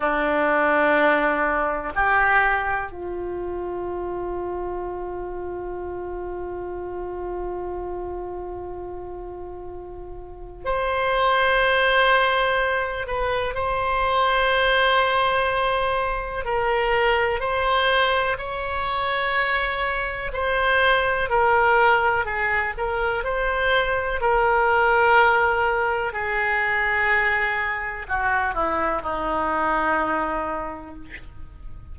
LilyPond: \new Staff \with { instrumentName = "oboe" } { \time 4/4 \tempo 4 = 62 d'2 g'4 f'4~ | f'1~ | f'2. c''4~ | c''4. b'8 c''2~ |
c''4 ais'4 c''4 cis''4~ | cis''4 c''4 ais'4 gis'8 ais'8 | c''4 ais'2 gis'4~ | gis'4 fis'8 e'8 dis'2 | }